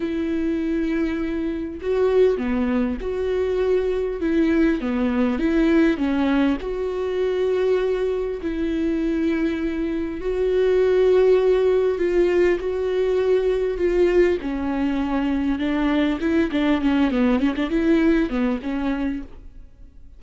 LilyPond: \new Staff \with { instrumentName = "viola" } { \time 4/4 \tempo 4 = 100 e'2. fis'4 | b4 fis'2 e'4 | b4 e'4 cis'4 fis'4~ | fis'2 e'2~ |
e'4 fis'2. | f'4 fis'2 f'4 | cis'2 d'4 e'8 d'8 | cis'8 b8 cis'16 d'16 e'4 b8 cis'4 | }